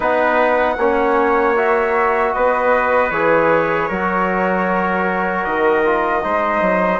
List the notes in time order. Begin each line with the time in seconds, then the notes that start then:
0.00 B3 D#4 B4 F#5
0.77 A#3 C#4 C#5
1.56 F#4 E5
2.33 B3 B4 D#5
3.10 E3 G#4 C#5
3.88 F#3 F#4 A#4
5.44 D#3 D#5
5.85 F4
6.22 G#3 D#4 C5
6.61 F#3